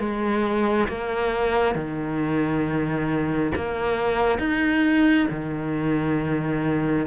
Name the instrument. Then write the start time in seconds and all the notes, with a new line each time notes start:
cello
0.00 G#3
0.89 A#3
1.76 D#3
3.56 A#3
4.39 D#4
5.31 D#3